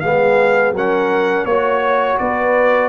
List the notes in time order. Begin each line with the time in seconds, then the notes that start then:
0.00 G#3 B3 G#4 F5
0.71 F#3 C#4 A#4
0.77 F#5
1.45 A#3 F#4 C#5
2.18 B3 B4 D5